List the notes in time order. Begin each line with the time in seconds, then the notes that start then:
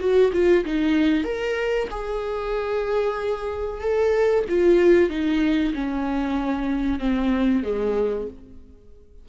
0.00 F#4
0.33 F4
0.65 D#4
1.25 A#4
1.91 G#4
3.82 A4
4.49 F4
5.10 D#4
5.74 C#4
7.00 C4
7.64 G#3